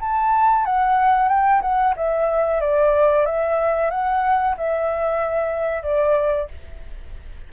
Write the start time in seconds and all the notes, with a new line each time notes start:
0.00 A5
0.65 F#5
1.28 G5
1.62 F#5
1.97 E5
2.61 D5
3.25 E5
3.90 F#5
4.57 E5
5.83 D5